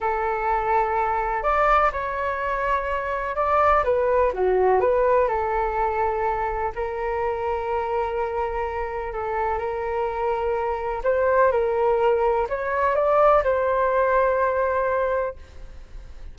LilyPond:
\new Staff \with { instrumentName = "flute" } { \time 4/4 \tempo 4 = 125 a'2. d''4 | cis''2. d''4 | b'4 fis'4 b'4 a'4~ | a'2 ais'2~ |
ais'2. a'4 | ais'2. c''4 | ais'2 cis''4 d''4 | c''1 | }